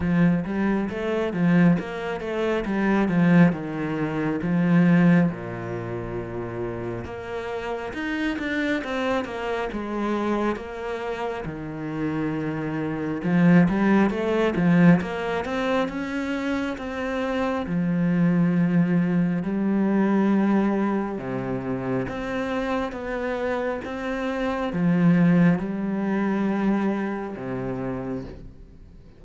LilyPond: \new Staff \with { instrumentName = "cello" } { \time 4/4 \tempo 4 = 68 f8 g8 a8 f8 ais8 a8 g8 f8 | dis4 f4 ais,2 | ais4 dis'8 d'8 c'8 ais8 gis4 | ais4 dis2 f8 g8 |
a8 f8 ais8 c'8 cis'4 c'4 | f2 g2 | c4 c'4 b4 c'4 | f4 g2 c4 | }